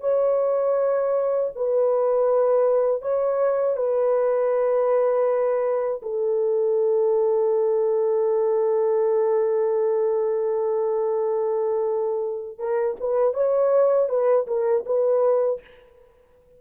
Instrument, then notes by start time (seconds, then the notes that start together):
horn
0.00 C#5
1.55 B4
3.02 C#5
3.76 B4
6.02 A4
12.59 A#4
13.00 B4
13.34 C#5
14.09 B4
14.47 A#4
14.86 B4